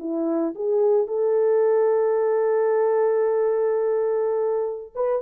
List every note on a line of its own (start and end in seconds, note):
0.00 0.55 E4
0.56 1.08 G#4
1.08 4.93 A4
4.95 5.22 B4